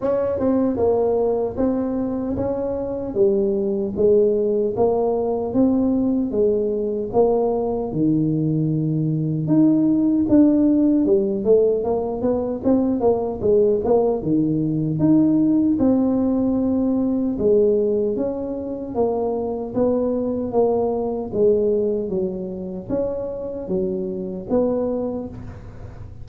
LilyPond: \new Staff \with { instrumentName = "tuba" } { \time 4/4 \tempo 4 = 76 cis'8 c'8 ais4 c'4 cis'4 | g4 gis4 ais4 c'4 | gis4 ais4 dis2 | dis'4 d'4 g8 a8 ais8 b8 |
c'8 ais8 gis8 ais8 dis4 dis'4 | c'2 gis4 cis'4 | ais4 b4 ais4 gis4 | fis4 cis'4 fis4 b4 | }